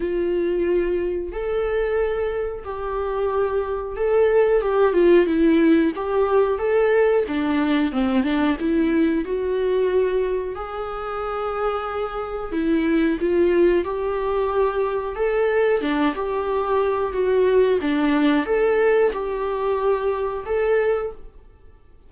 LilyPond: \new Staff \with { instrumentName = "viola" } { \time 4/4 \tempo 4 = 91 f'2 a'2 | g'2 a'4 g'8 f'8 | e'4 g'4 a'4 d'4 | c'8 d'8 e'4 fis'2 |
gis'2. e'4 | f'4 g'2 a'4 | d'8 g'4. fis'4 d'4 | a'4 g'2 a'4 | }